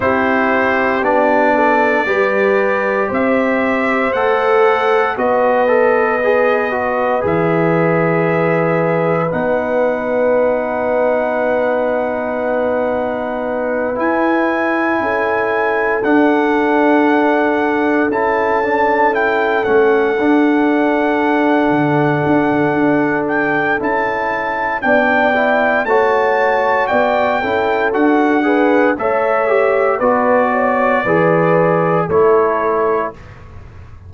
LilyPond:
<<
  \new Staff \with { instrumentName = "trumpet" } { \time 4/4 \tempo 4 = 58 c''4 d''2 e''4 | fis''4 dis''2 e''4~ | e''4 fis''2.~ | fis''4. gis''2 fis''8~ |
fis''4. a''4 g''8 fis''4~ | fis''2~ fis''8 g''8 a''4 | g''4 a''4 g''4 fis''4 | e''4 d''2 cis''4 | }
  \new Staff \with { instrumentName = "horn" } { \time 4/4 g'4. a'8 b'4 c''4~ | c''4 b'2.~ | b'1~ | b'2~ b'8 a'4.~ |
a'1~ | a'1 | d''4 cis''4 d''8 a'4 b'8 | cis''4 b'8 cis''8 b'4 a'4 | }
  \new Staff \with { instrumentName = "trombone" } { \time 4/4 e'4 d'4 g'2 | a'4 fis'8 a'8 gis'8 fis'8 gis'4~ | gis'4 dis'2.~ | dis'4. e'2 d'8~ |
d'4. e'8 d'8 e'8 cis'8 d'8~ | d'2. e'4 | d'8 e'8 fis'4. e'8 fis'8 gis'8 | a'8 g'8 fis'4 gis'4 e'4 | }
  \new Staff \with { instrumentName = "tuba" } { \time 4/4 c'4 b4 g4 c'4 | a4 b2 e4~ | e4 b2.~ | b4. e'4 cis'4 d'8~ |
d'4. cis'4. a8 d'8~ | d'4 d8 d'16 d16 d'4 cis'4 | b4 a4 b8 cis'8 d'4 | a4 b4 e4 a4 | }
>>